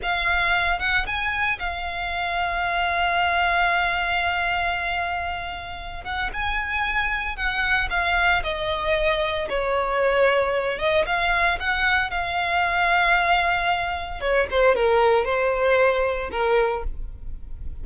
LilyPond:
\new Staff \with { instrumentName = "violin" } { \time 4/4 \tempo 4 = 114 f''4. fis''8 gis''4 f''4~ | f''1~ | f''2.~ f''8 fis''8 | gis''2 fis''4 f''4 |
dis''2 cis''2~ | cis''8 dis''8 f''4 fis''4 f''4~ | f''2. cis''8 c''8 | ais'4 c''2 ais'4 | }